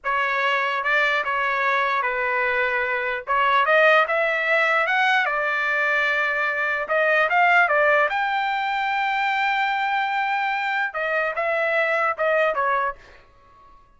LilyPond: \new Staff \with { instrumentName = "trumpet" } { \time 4/4 \tempo 4 = 148 cis''2 d''4 cis''4~ | cis''4 b'2. | cis''4 dis''4 e''2 | fis''4 d''2.~ |
d''4 dis''4 f''4 d''4 | g''1~ | g''2. dis''4 | e''2 dis''4 cis''4 | }